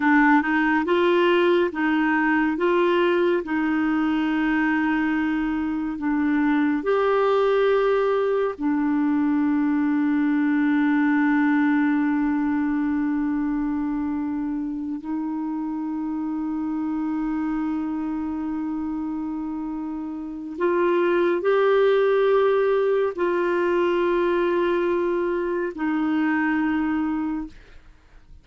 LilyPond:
\new Staff \with { instrumentName = "clarinet" } { \time 4/4 \tempo 4 = 70 d'8 dis'8 f'4 dis'4 f'4 | dis'2. d'4 | g'2 d'2~ | d'1~ |
d'4. dis'2~ dis'8~ | dis'1 | f'4 g'2 f'4~ | f'2 dis'2 | }